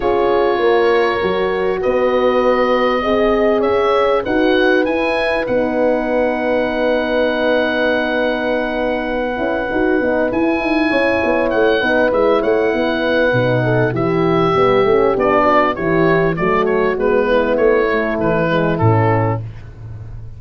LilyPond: <<
  \new Staff \with { instrumentName = "oboe" } { \time 4/4 \tempo 4 = 99 cis''2. dis''4~ | dis''2 e''4 fis''4 | gis''4 fis''2.~ | fis''1~ |
fis''4 gis''2 fis''4 | e''8 fis''2~ fis''8 e''4~ | e''4 d''4 cis''4 d''8 cis''8 | b'4 cis''4 b'4 a'4 | }
  \new Staff \with { instrumentName = "horn" } { \time 4/4 gis'4 ais'2 b'4~ | b'4 dis''4 cis''4 b'4~ | b'1~ | b'1~ |
b'2 cis''4. b'8~ | b'8 cis''8 b'4. a'8 g'4~ | g'4. fis'8 g'4 fis'4~ | fis'8 e'2.~ e'8 | }
  \new Staff \with { instrumentName = "horn" } { \time 4/4 f'2 fis'2~ | fis'4 gis'2 fis'4 | e'4 dis'2.~ | dis'2.~ dis'8 e'8 |
fis'8 dis'8 e'2~ e'8 dis'8 | e'2 dis'4 e'4 | b8 cis'8 d'4 e'4 a4 | b4. a4 gis8 cis'4 | }
  \new Staff \with { instrumentName = "tuba" } { \time 4/4 cis'4 ais4 fis4 b4~ | b4 c'4 cis'4 dis'4 | e'4 b2.~ | b2.~ b8 cis'8 |
dis'8 b8 e'8 dis'8 cis'8 b8 a8 b8 | gis8 a8 b4 b,4 e4 | g8 a8 b4 e4 fis4 | gis4 a4 e4 a,4 | }
>>